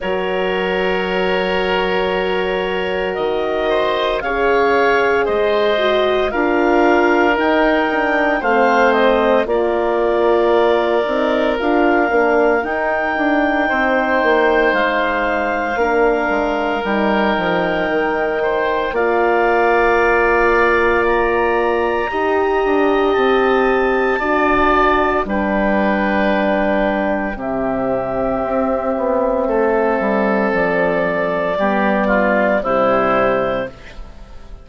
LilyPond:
<<
  \new Staff \with { instrumentName = "clarinet" } { \time 4/4 \tempo 4 = 57 cis''2. dis''4 | f''4 dis''4 f''4 g''4 | f''8 dis''8 d''2 f''4 | g''2 f''2 |
g''2 f''2 | ais''2 a''2 | g''2 e''2~ | e''4 d''2 c''4 | }
  \new Staff \with { instrumentName = "oboe" } { \time 4/4 ais'2.~ ais'8 c''8 | cis''4 c''4 ais'2 | c''4 ais'2.~ | ais'4 c''2 ais'4~ |
ais'4. c''8 d''2~ | d''4 dis''2 d''4 | b'2 g'2 | a'2 g'8 f'8 e'4 | }
  \new Staff \with { instrumentName = "horn" } { \time 4/4 fis'1 | gis'4. fis'8 f'4 dis'8 d'8 | c'4 f'4. dis'8 f'8 d'8 | dis'2. d'4 |
dis'2 f'2~ | f'4 g'2 fis'4 | d'2 c'2~ | c'2 b4 g4 | }
  \new Staff \with { instrumentName = "bassoon" } { \time 4/4 fis2. dis4 | cis4 gis4 d'4 dis'4 | a4 ais4. c'8 d'8 ais8 | dis'8 d'8 c'8 ais8 gis4 ais8 gis8 |
g8 f8 dis4 ais2~ | ais4 dis'8 d'8 c'4 d'4 | g2 c4 c'8 b8 | a8 g8 f4 g4 c4 | }
>>